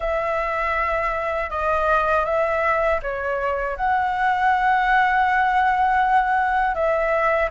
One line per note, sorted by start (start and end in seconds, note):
0.00 1.50 E5
1.50 2.25 D#5
2.25 3.00 E5
3.02 3.76 C#5
3.76 6.74 F#5
6.74 7.49 E5